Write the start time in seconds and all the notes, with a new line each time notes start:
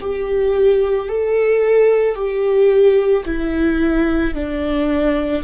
0.00 G4
1.09 A4
2.15 G4
3.25 E4
4.34 D4